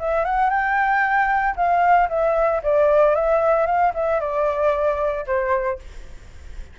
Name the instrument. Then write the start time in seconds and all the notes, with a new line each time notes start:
flute
0.00 E5
0.25 F#5
0.50 G5
1.56 F5
2.10 E5
2.63 D5
3.16 E5
3.67 F5
3.95 E5
4.21 D5
5.27 C5